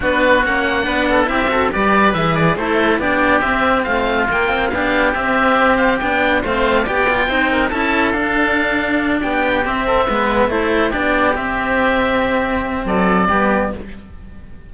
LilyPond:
<<
  \new Staff \with { instrumentName = "oboe" } { \time 4/4 \tempo 4 = 140 b'4 fis''2 e''4 | d''4 e''8 d''8 c''4 d''4 | e''4 f''4 g''4 f''4 | e''4. f''8 g''4 f''4 |
g''2 a''4 f''4~ | f''4. g''4 e''4.~ | e''8 c''4 d''4 e''4.~ | e''2 d''2 | }
  \new Staff \with { instrumentName = "oboe" } { \time 4/4 fis'2 b'8 a'8 g'8 a'8 | b'2 a'4 g'4~ | g'4 f'2 g'4~ | g'2. c''4 |
d''4 c''8 ais'8 a'2~ | a'4. g'4. a'8 b'8~ | b'8 a'4 g'2~ g'8~ | g'2 a'4 g'4 | }
  \new Staff \with { instrumentName = "cello" } { \time 4/4 d'4 cis'4 d'4 e'8 fis'8 | g'4 gis'4 e'4 d'4 | c'2 ais8 c'8 d'4 | c'2 d'4 c'4 |
g'8 f'8 dis'4 e'4 d'4~ | d'2~ d'8 c'4 b8~ | b8 e'4 d'4 c'4.~ | c'2. b4 | }
  \new Staff \with { instrumentName = "cello" } { \time 4/4 b4 ais4 b4 c'4 | g4 e4 a4 b4 | c'4 a4 ais4 b4 | c'2 b4 a4 |
b4 c'4 cis'4 d'4~ | d'4. b4 c'4 gis8~ | gis8 a4 b4 c'4.~ | c'2 fis4 g4 | }
>>